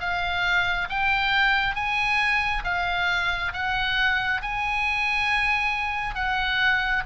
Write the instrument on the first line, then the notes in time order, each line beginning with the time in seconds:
oboe
0.00 F5
0.89 G5
1.75 G#5
2.64 F5
3.53 F#5
4.42 G#5
6.15 F#5